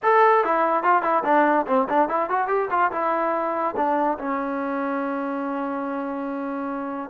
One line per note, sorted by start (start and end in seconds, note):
0.02 0.44 A4
0.44 0.83 E4
0.83 1.02 F4
1.02 1.23 E4
1.24 1.66 D4
1.66 1.87 C4
1.89 2.09 D4
2.09 2.29 E4
2.29 2.47 F#4
2.47 2.68 G4
2.70 2.91 F4
2.91 3.74 E4
3.76 4.18 D4
4.18 7.09 C#4